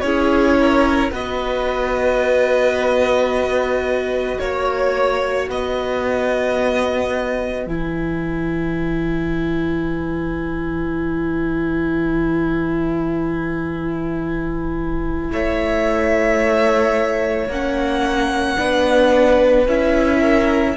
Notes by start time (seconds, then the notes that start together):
0.00 C#4 E4 G#4 C#5
0.59 A#4
1.11 B3 F#4 B4 D#5
4.39 A#3 C#5
5.49 B3 B4 D#5
7.66 E3 E4 G#5
15.32 A3 C#5 E5
17.48 A#3 C#4 F#5
18.57 B3 D4 B4
19.67 C#4 E4 E5
20.19 A#4